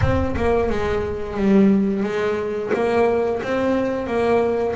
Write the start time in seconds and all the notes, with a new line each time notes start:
0.01 C4
0.36 A#3
0.69 G#3
1.37 G3
2.03 G#3
2.73 A#3
3.42 C4
4.06 A#3